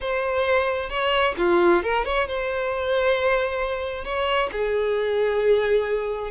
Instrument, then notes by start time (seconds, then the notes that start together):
violin
0.00 C5
0.89 C#5
1.37 F4
1.82 A#4
2.04 C#5
2.27 C5
4.04 C#5
4.52 G#4